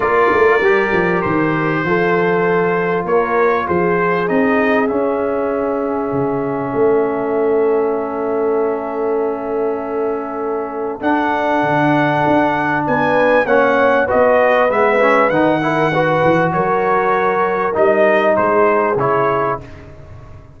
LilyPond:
<<
  \new Staff \with { instrumentName = "trumpet" } { \time 4/4 \tempo 4 = 98 d''2 c''2~ | c''4 cis''4 c''4 dis''4 | e''1~ | e''1~ |
e''2 fis''2~ | fis''4 gis''4 fis''4 dis''4 | e''4 fis''2 cis''4~ | cis''4 dis''4 c''4 cis''4 | }
  \new Staff \with { instrumentName = "horn" } { \time 4/4 ais'2. a'4~ | a'4 ais'4 gis'2~ | gis'2. a'4~ | a'1~ |
a'1~ | a'4 b'4 cis''4 b'4~ | b'4. ais'8 b'4 ais'4~ | ais'2 gis'2 | }
  \new Staff \with { instrumentName = "trombone" } { \time 4/4 f'4 g'2 f'4~ | f'2. dis'4 | cis'1~ | cis'1~ |
cis'2 d'2~ | d'2 cis'4 fis'4 | b8 cis'8 dis'8 e'8 fis'2~ | fis'4 dis'2 e'4 | }
  \new Staff \with { instrumentName = "tuba" } { \time 4/4 ais8 a8 g8 f8 dis4 f4~ | f4 ais4 f4 c'4 | cis'2 cis4 a4~ | a1~ |
a2 d'4 d4 | d'4 b4 ais4 b4 | gis4 dis4. e8 fis4~ | fis4 g4 gis4 cis4 | }
>>